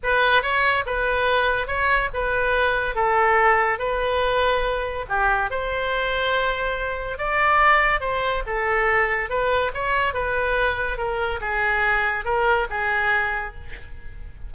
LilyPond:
\new Staff \with { instrumentName = "oboe" } { \time 4/4 \tempo 4 = 142 b'4 cis''4 b'2 | cis''4 b'2 a'4~ | a'4 b'2. | g'4 c''2.~ |
c''4 d''2 c''4 | a'2 b'4 cis''4 | b'2 ais'4 gis'4~ | gis'4 ais'4 gis'2 | }